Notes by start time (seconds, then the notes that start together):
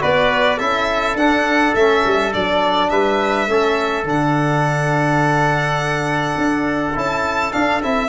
0.00 B3 F#4 B4 D5
0.57 C#4 E4 A4 E5
1.14 D4 F#5
1.74 A3 C#4 E5
2.05 G3
2.33 F#3 D4 D5
2.89 G3 B4 E5
3.47 A3 C#4 A4
4.04 D3 D4 F#5
6.37 D4
6.95 C#4 E4 A5
7.52 D4 F5
7.82 C4 E4 E5